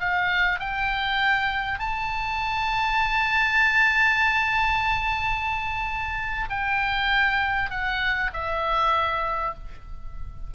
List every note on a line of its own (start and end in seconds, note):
0.00 0.60 F5
0.60 1.79 G5
1.79 6.49 A5
6.49 7.70 G5
7.70 8.31 F#5
8.33 9.55 E5